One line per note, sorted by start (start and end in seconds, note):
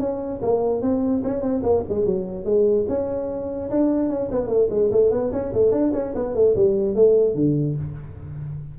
0.00 0.41 C#4
0.42 0.82 A#3
0.82 1.23 C4
1.24 1.42 C#4
1.42 1.63 C4
1.63 1.83 A#3
1.89 2.06 G#3
2.06 2.45 F#3
2.45 2.86 G#3
2.89 3.71 C#4
3.71 4.10 D4
4.10 4.30 C#4
4.32 4.47 B3
4.47 4.68 A3
4.71 4.91 G#3
4.92 5.11 A3
5.11 5.32 B3
5.33 5.53 C#4
5.54 5.72 A3
5.72 5.92 D4
5.94 6.15 C#4
6.15 6.35 B3
6.35 6.56 A3
6.56 6.96 G3
6.96 7.35 A3
7.35 7.76 D3